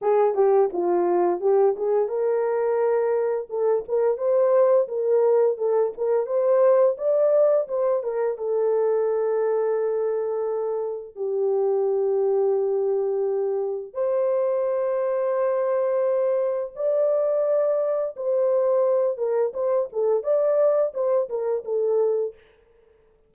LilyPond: \new Staff \with { instrumentName = "horn" } { \time 4/4 \tempo 4 = 86 gis'8 g'8 f'4 g'8 gis'8 ais'4~ | ais'4 a'8 ais'8 c''4 ais'4 | a'8 ais'8 c''4 d''4 c''8 ais'8 | a'1 |
g'1 | c''1 | d''2 c''4. ais'8 | c''8 a'8 d''4 c''8 ais'8 a'4 | }